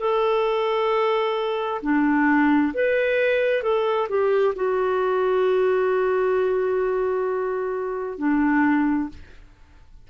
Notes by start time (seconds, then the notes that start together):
0.00 A4
1.82 D4
2.74 B4
3.63 A4
4.09 G4
4.55 F#4
8.18 D4